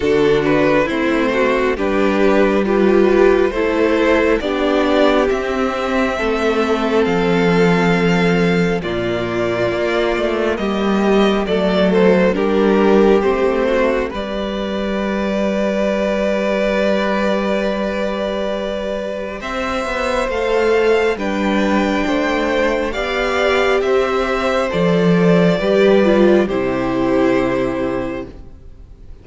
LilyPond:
<<
  \new Staff \with { instrumentName = "violin" } { \time 4/4 \tempo 4 = 68 a'8 b'8 c''4 b'4 g'4 | c''4 d''4 e''2 | f''2 d''2 | dis''4 d''8 c''8 ais'4 c''4 |
d''1~ | d''2 e''4 f''4 | g''2 f''4 e''4 | d''2 c''2 | }
  \new Staff \with { instrumentName = "violin" } { \time 4/4 fis'4 e'8 fis'8 g'4 b'4 | a'4 g'2 a'4~ | a'2 f'2 | g'4 a'4 g'4. fis'8 |
b'1~ | b'2 c''2 | b'4 c''4 d''4 c''4~ | c''4 b'4 g'2 | }
  \new Staff \with { instrumentName = "viola" } { \time 4/4 d'4 c'4 d'4 f'4 | e'4 d'4 c'2~ | c'2 ais2~ | ais4 a4 d'4 c'4 |
g'1~ | g'2. a'4 | d'2 g'2 | a'4 g'8 f'8 e'2 | }
  \new Staff \with { instrumentName = "cello" } { \time 4/4 d4 a4 g2 | a4 b4 c'4 a4 | f2 ais,4 ais8 a8 | g4 fis4 g4 a4 |
g1~ | g2 c'8 b8 a4 | g4 a4 b4 c'4 | f4 g4 c2 | }
>>